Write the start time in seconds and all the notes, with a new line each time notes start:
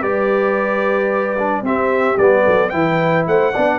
0.00 G3 G4 B4 D5
1.39 D4
1.62 C4 G4 E5
2.18 G3 B3 D5
2.44 F#3 A4
2.69 E3 E4 B4 G5
3.27 A3 C5 F#5
3.52 B3 D4 D5